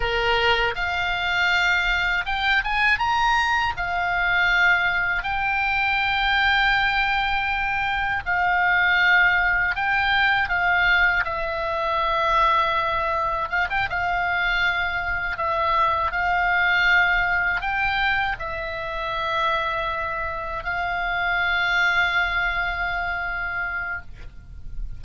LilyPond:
\new Staff \with { instrumentName = "oboe" } { \time 4/4 \tempo 4 = 80 ais'4 f''2 g''8 gis''8 | ais''4 f''2 g''4~ | g''2. f''4~ | f''4 g''4 f''4 e''4~ |
e''2 f''16 g''16 f''4.~ | f''8 e''4 f''2 g''8~ | g''8 e''2. f''8~ | f''1 | }